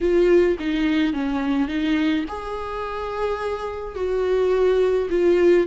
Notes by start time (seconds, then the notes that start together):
0.00 F4
0.59 D#4
1.13 C#4
1.68 D#4
2.28 G#4
3.95 F#4
5.10 F4